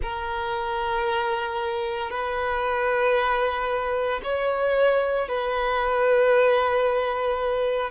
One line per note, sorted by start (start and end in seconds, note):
0.02 2.10 A#4
2.10 4.21 B4
4.23 5.28 C#5
5.28 7.90 B4